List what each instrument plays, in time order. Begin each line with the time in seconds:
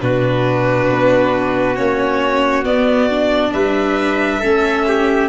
0.00 tuba B2, viola D4, trumpet F#4, violin B4
0.90 tuba B3
1.76 tuba A#3, viola C#4, violin C#5
2.64 tuba B3, viola B3, violin D5
3.10 viola D4
3.53 tuba G3, trumpet B4, violin E5
4.40 tuba A3, viola C#4, trumpet A4
4.88 trumpet G4